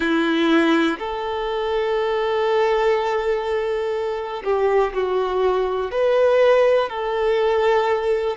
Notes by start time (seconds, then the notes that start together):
0.00 E4
0.98 A4
4.44 G4
4.93 F#4
5.91 B4
6.89 A4